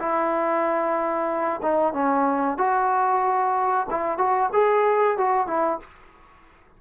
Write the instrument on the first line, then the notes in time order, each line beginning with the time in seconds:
trombone
0.00 E4
1.62 D#4
1.93 C#4
2.58 F#4
3.91 E4
4.18 F#4
4.53 G#4
5.18 F#4
5.48 E4